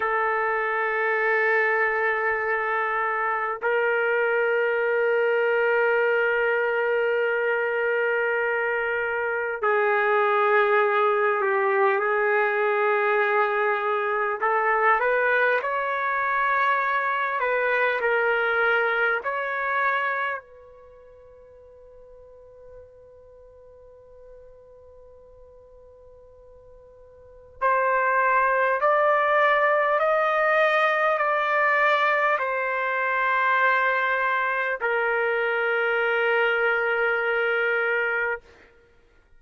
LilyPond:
\new Staff \with { instrumentName = "trumpet" } { \time 4/4 \tempo 4 = 50 a'2. ais'4~ | ais'1 | gis'4. g'8 gis'2 | a'8 b'8 cis''4. b'8 ais'4 |
cis''4 b'2.~ | b'2. c''4 | d''4 dis''4 d''4 c''4~ | c''4 ais'2. | }